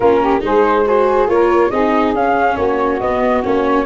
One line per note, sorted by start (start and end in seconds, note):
0.00 0.43 A#3
0.00 0.40 C#4
0.00 0.21 F4
0.00 0.41 A#4
0.21 0.42 G4
0.40 1.27 G#3
0.40 0.83 D#4
0.40 0.86 G#4
0.40 0.87 C5
0.86 1.27 F#4
0.86 1.29 G#4
0.86 1.29 C5
1.27 1.70 A#3
1.27 1.70 F4
1.27 1.71 A#4
1.27 1.70 C#5
1.70 2.14 C4
1.70 2.15 D#4
1.70 2.55 G#4
1.70 2.13 D#5
2.14 2.56 C#4
2.14 3.01 C#4
2.14 2.56 F5
2.55 3.00 A#3
2.55 3.84 F#4
2.55 2.99 C#5
2.99 3.43 B3
2.99 3.42 B3
2.99 3.42 D#5
3.42 3.85 A#3
3.42 3.85 C#4
3.42 3.85 C#5